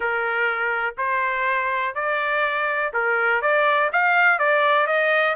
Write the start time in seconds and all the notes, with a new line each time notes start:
0.00 A#4
0.97 C5
1.94 D5
2.93 A#4
3.41 D5
3.92 F5
4.38 D5
4.86 D#5